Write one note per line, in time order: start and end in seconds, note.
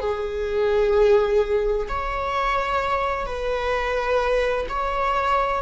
0.00 1.87 G#4
1.89 3.26 C#5
3.26 4.67 B4
4.69 5.62 C#5